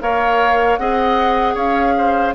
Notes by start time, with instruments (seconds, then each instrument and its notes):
0.00 bassoon A#3, clarinet A#4, oboe C#5, flute F5
0.77 bassoon C4, clarinet G#4, oboe D#5, flute F#5
1.54 bassoon C#4, oboe C#5, flute F5
1.97 oboe C5